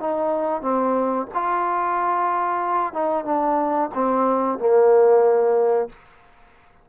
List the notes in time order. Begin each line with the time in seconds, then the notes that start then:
0.00 D#4
0.62 C4
1.34 F4
2.93 D#4
3.25 D4
3.94 C4
4.59 A#3